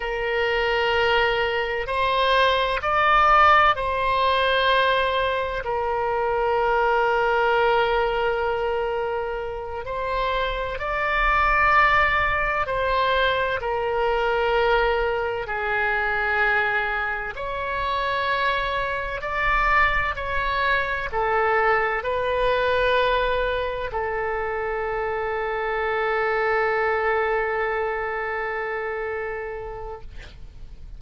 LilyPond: \new Staff \with { instrumentName = "oboe" } { \time 4/4 \tempo 4 = 64 ais'2 c''4 d''4 | c''2 ais'2~ | ais'2~ ais'8 c''4 d''8~ | d''4. c''4 ais'4.~ |
ais'8 gis'2 cis''4.~ | cis''8 d''4 cis''4 a'4 b'8~ | b'4. a'2~ a'8~ | a'1 | }